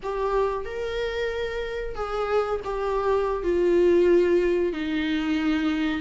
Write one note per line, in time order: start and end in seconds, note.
0.02 0.65 G4
0.65 1.95 A#4
1.95 2.60 G#4
2.64 3.43 G4
3.43 4.72 F4
4.72 6.01 D#4